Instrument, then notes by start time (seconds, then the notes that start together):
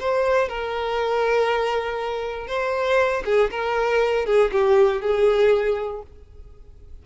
violin
0.00 C5
0.49 A#4
2.48 C5
3.25 G#4
3.51 A#4
4.26 G#4
4.52 G4
5.01 G#4